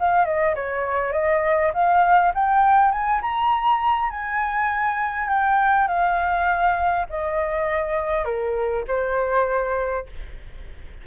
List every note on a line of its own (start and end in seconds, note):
0.00 0.26 F5
0.26 0.55 D#5
0.56 1.13 C#5
1.13 1.73 D#5
1.74 2.33 F5
2.35 2.92 G5
2.92 3.22 G#5
3.22 4.10 A#5
4.10 5.29 G#5
5.29 5.88 G5
5.88 7.07 F5
7.10 8.25 D#5
8.25 8.85 A#4
8.88 10.07 C5